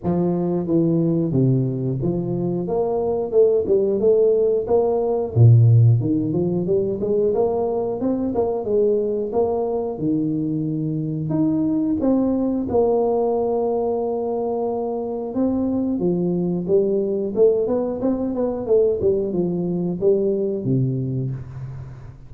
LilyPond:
\new Staff \with { instrumentName = "tuba" } { \time 4/4 \tempo 4 = 90 f4 e4 c4 f4 | ais4 a8 g8 a4 ais4 | ais,4 dis8 f8 g8 gis8 ais4 | c'8 ais8 gis4 ais4 dis4~ |
dis4 dis'4 c'4 ais4~ | ais2. c'4 | f4 g4 a8 b8 c'8 b8 | a8 g8 f4 g4 c4 | }